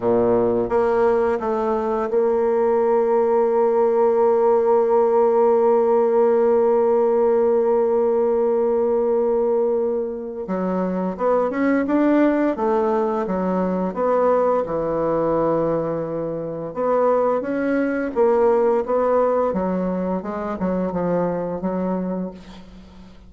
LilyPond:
\new Staff \with { instrumentName = "bassoon" } { \time 4/4 \tempo 4 = 86 ais,4 ais4 a4 ais4~ | ais1~ | ais1~ | ais2. fis4 |
b8 cis'8 d'4 a4 fis4 | b4 e2. | b4 cis'4 ais4 b4 | fis4 gis8 fis8 f4 fis4 | }